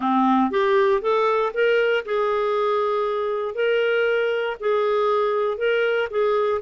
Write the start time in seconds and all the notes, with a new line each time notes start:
0.00 C4
0.50 G4
1.01 A4
1.53 A#4
2.05 G#4
3.55 A#4
4.59 G#4
5.57 A#4
6.10 G#4